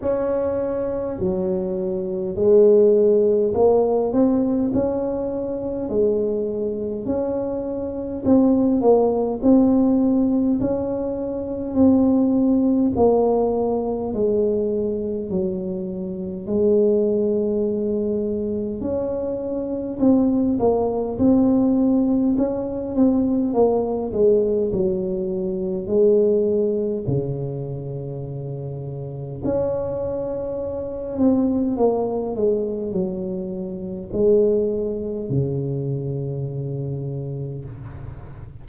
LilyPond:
\new Staff \with { instrumentName = "tuba" } { \time 4/4 \tempo 4 = 51 cis'4 fis4 gis4 ais8 c'8 | cis'4 gis4 cis'4 c'8 ais8 | c'4 cis'4 c'4 ais4 | gis4 fis4 gis2 |
cis'4 c'8 ais8 c'4 cis'8 c'8 | ais8 gis8 fis4 gis4 cis4~ | cis4 cis'4. c'8 ais8 gis8 | fis4 gis4 cis2 | }